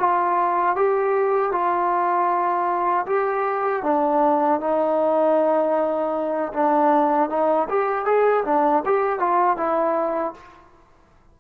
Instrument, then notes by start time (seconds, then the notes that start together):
trombone
0.00 F4
0.76 G4
1.52 F4
3.07 G4
3.84 D4
4.61 D#4
6.54 D4
7.30 D#4
7.69 G4
8.06 G#4
8.45 D4
8.86 G4
9.20 F4
9.57 E4